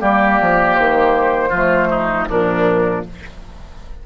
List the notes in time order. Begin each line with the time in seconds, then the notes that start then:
0.00 G3 A#3 G4 D5
0.41 F3
0.75 D#3 C5
1.50 F3 A3 F4
1.91 D#4
2.28 A#2 F3 D4 A#4